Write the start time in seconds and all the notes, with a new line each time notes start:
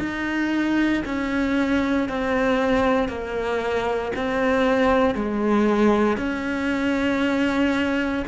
0.00 D#4
1.06 C#4
2.09 C4
3.09 A#3
4.16 C4
5.15 G#3
6.18 C#4